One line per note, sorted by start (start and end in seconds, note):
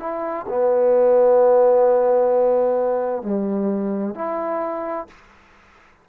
0.00 0.46 E4
0.49 3.23 B3
3.23 4.15 G3
4.15 5.07 E4